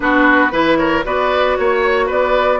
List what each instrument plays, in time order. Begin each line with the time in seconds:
0.00 bassoon B3, clarinet D4, oboe F#4, flute B4
0.51 bassoon E3, clarinet E4, oboe B4
0.77 oboe A#4, flute C#5
1.04 bassoon B3, clarinet F#4, oboe B4, flute D5
1.56 bassoon A#3, flute C#5, oboe C#5
2.06 bassoon B3, oboe B4, flute D5